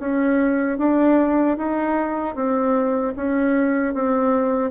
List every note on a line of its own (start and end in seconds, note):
0.00 0.78 C#4
0.78 1.57 D4
1.58 2.35 D#4
2.35 3.14 C4
3.16 3.94 C#4
3.94 4.71 C4